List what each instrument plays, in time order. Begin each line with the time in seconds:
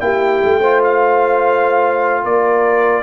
0.00 tuba A#3, trombone E4, horn G4, trumpet G5
0.43 tuba A3
0.61 trombone F4, horn C5
0.84 trumpet F5
2.24 tuba A#3, horn A#4, trumpet D5